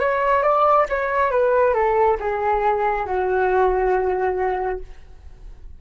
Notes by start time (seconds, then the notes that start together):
0.00 C#5
0.43 D5
0.90 C#5
1.32 B4
1.74 A4
2.21 G#4
3.06 F#4